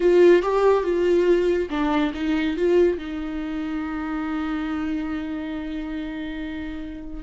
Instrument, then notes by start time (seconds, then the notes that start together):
viola
0.00 F4
0.42 G4
0.83 F4
1.70 D4
2.14 D#4
2.56 F4
2.97 D#4